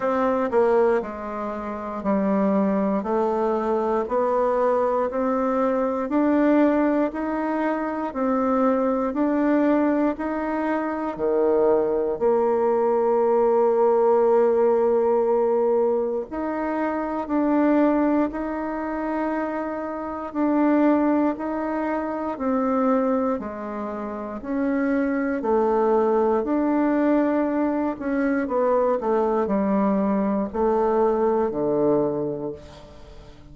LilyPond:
\new Staff \with { instrumentName = "bassoon" } { \time 4/4 \tempo 4 = 59 c'8 ais8 gis4 g4 a4 | b4 c'4 d'4 dis'4 | c'4 d'4 dis'4 dis4 | ais1 |
dis'4 d'4 dis'2 | d'4 dis'4 c'4 gis4 | cis'4 a4 d'4. cis'8 | b8 a8 g4 a4 d4 | }